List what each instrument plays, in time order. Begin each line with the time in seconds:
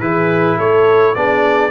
0.00 tuba E3, trombone E4, horn G#4, trumpet B4
0.57 tuba A3, horn A4, trumpet C#5
1.15 tuba B3, trombone D4, horn G#4, trumpet D5